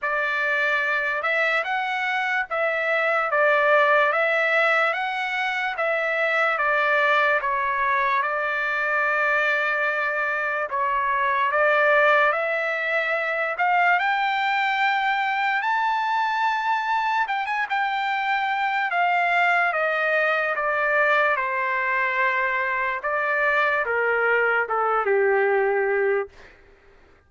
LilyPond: \new Staff \with { instrumentName = "trumpet" } { \time 4/4 \tempo 4 = 73 d''4. e''8 fis''4 e''4 | d''4 e''4 fis''4 e''4 | d''4 cis''4 d''2~ | d''4 cis''4 d''4 e''4~ |
e''8 f''8 g''2 a''4~ | a''4 g''16 gis''16 g''4. f''4 | dis''4 d''4 c''2 | d''4 ais'4 a'8 g'4. | }